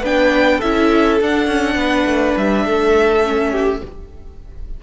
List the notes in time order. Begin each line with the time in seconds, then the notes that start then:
0.00 B3 D4 B4 G5
0.58 C#4 E4 A4 E5
1.21 D4 F#5
1.47 C#4
1.76 B3 B4
2.06 A3
2.37 G3 E5
2.65 A3 A4
3.23 C#4
3.51 G4